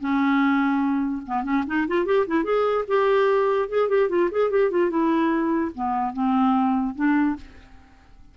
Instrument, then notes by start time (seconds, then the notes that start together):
clarinet
0.00 C#4
1.26 B3
1.44 C#4
1.66 D#4
1.87 F4
2.06 G4
2.27 E4
2.44 G#4
2.87 G4
3.68 G#4
3.89 G4
4.09 F4
4.31 G#4
4.50 G4
4.71 F4
4.90 E4
5.75 B3
6.13 C4
6.95 D4